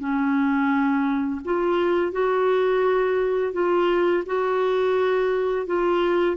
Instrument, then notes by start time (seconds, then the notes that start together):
clarinet
0.00 C#4
1.45 F4
2.12 F#4
3.53 F4
4.26 F#4
5.67 F4